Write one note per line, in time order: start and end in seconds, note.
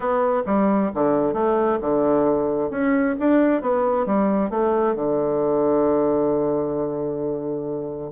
0.00 0.42 B3
0.46 0.91 G3
0.94 1.33 D3
1.33 1.78 A3
1.80 2.70 D3
2.70 3.15 C#4
3.19 3.61 D4
3.61 4.05 B3
4.05 4.50 G3
4.50 4.95 A3
4.95 8.10 D3